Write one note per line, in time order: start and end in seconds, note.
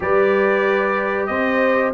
0.00 1.28 G3
0.00 1.93 G4
0.00 1.29 B4
0.00 1.26 D5
1.26 1.92 C4
1.26 1.93 C5
1.26 1.90 D#5